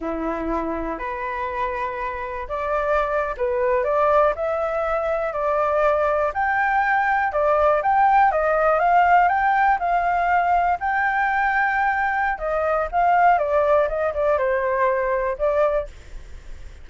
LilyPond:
\new Staff \with { instrumentName = "flute" } { \time 4/4 \tempo 4 = 121 e'2 b'2~ | b'4 d''4.~ d''16 b'4 d''16~ | d''8. e''2 d''4~ d''16~ | d''8. g''2 d''4 g''16~ |
g''8. dis''4 f''4 g''4 f''16~ | f''4.~ f''16 g''2~ g''16~ | g''4 dis''4 f''4 d''4 | dis''8 d''8 c''2 d''4 | }